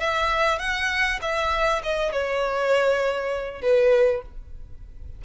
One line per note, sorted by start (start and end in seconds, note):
0.00 0.59 E5
0.59 1.19 F#5
1.21 1.82 E5
1.83 2.12 D#5
2.12 3.61 C#5
3.61 4.22 B4